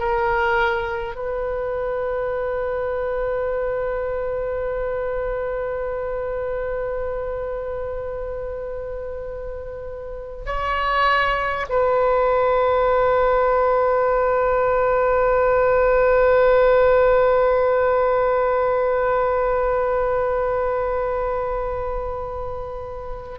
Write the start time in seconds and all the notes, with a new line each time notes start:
0.00 A#4
1.16 B4
10.46 C#5
11.69 B4